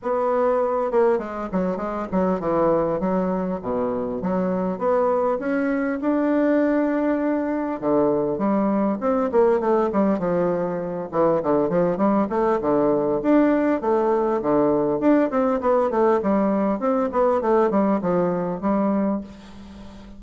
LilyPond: \new Staff \with { instrumentName = "bassoon" } { \time 4/4 \tempo 4 = 100 b4. ais8 gis8 fis8 gis8 fis8 | e4 fis4 b,4 fis4 | b4 cis'4 d'2~ | d'4 d4 g4 c'8 ais8 |
a8 g8 f4. e8 d8 f8 | g8 a8 d4 d'4 a4 | d4 d'8 c'8 b8 a8 g4 | c'8 b8 a8 g8 f4 g4 | }